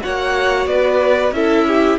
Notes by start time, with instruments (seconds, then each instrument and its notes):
0.00 cello A#3, viola F#4, violin C#5 F#5
0.66 cello B3, violin B4 D5
1.31 cello C#4, viola E4, violin A4 E5
1.67 violin G4